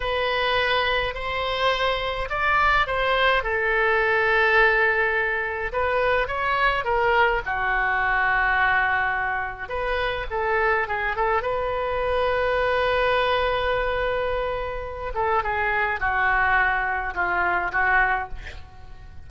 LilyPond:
\new Staff \with { instrumentName = "oboe" } { \time 4/4 \tempo 4 = 105 b'2 c''2 | d''4 c''4 a'2~ | a'2 b'4 cis''4 | ais'4 fis'2.~ |
fis'4 b'4 a'4 gis'8 a'8 | b'1~ | b'2~ b'8 a'8 gis'4 | fis'2 f'4 fis'4 | }